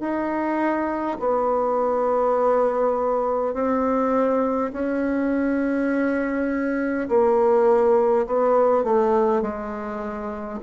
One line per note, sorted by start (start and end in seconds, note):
0.00 1.18 D#4
1.19 3.53 B3
3.53 4.71 C4
4.73 7.08 C#4
7.09 8.26 A#3
8.26 8.84 B3
8.84 9.42 A3
9.42 10.59 G#3